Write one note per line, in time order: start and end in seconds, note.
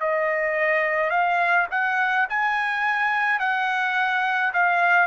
0.00 1.10 D#5
1.10 1.67 F5
1.70 2.27 F#5
2.30 3.39 G#5
3.39 4.52 F#5
4.53 5.07 F5